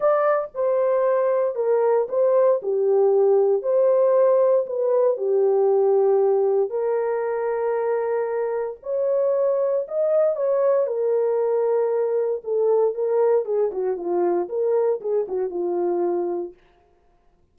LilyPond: \new Staff \with { instrumentName = "horn" } { \time 4/4 \tempo 4 = 116 d''4 c''2 ais'4 | c''4 g'2 c''4~ | c''4 b'4 g'2~ | g'4 ais'2.~ |
ais'4 cis''2 dis''4 | cis''4 ais'2. | a'4 ais'4 gis'8 fis'8 f'4 | ais'4 gis'8 fis'8 f'2 | }